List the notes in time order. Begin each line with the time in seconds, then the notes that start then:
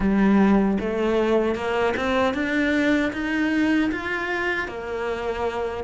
0.00 G3
0.80 A3
1.55 A#3
1.96 C4
2.34 D4
3.12 D#4
3.91 F4
4.68 A#3